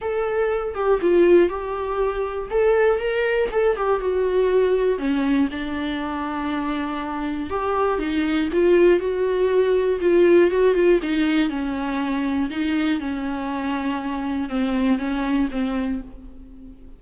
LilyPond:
\new Staff \with { instrumentName = "viola" } { \time 4/4 \tempo 4 = 120 a'4. g'8 f'4 g'4~ | g'4 a'4 ais'4 a'8 g'8 | fis'2 cis'4 d'4~ | d'2. g'4 |
dis'4 f'4 fis'2 | f'4 fis'8 f'8 dis'4 cis'4~ | cis'4 dis'4 cis'2~ | cis'4 c'4 cis'4 c'4 | }